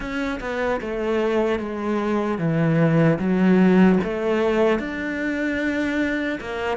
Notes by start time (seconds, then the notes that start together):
0.00 C#4
0.40 B3
0.80 A3
1.59 G#3
2.38 E3
3.19 F#3
4.03 A3
4.79 D4
6.40 A#3